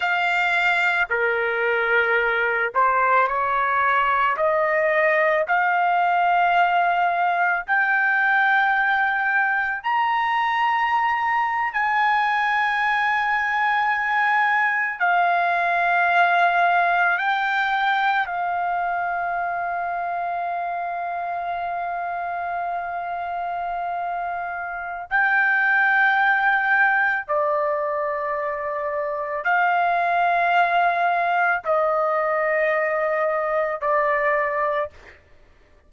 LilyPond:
\new Staff \with { instrumentName = "trumpet" } { \time 4/4 \tempo 4 = 55 f''4 ais'4. c''8 cis''4 | dis''4 f''2 g''4~ | g''4 ais''4.~ ais''16 gis''4~ gis''16~ | gis''4.~ gis''16 f''2 g''16~ |
g''8. f''2.~ f''16~ | f''2. g''4~ | g''4 d''2 f''4~ | f''4 dis''2 d''4 | }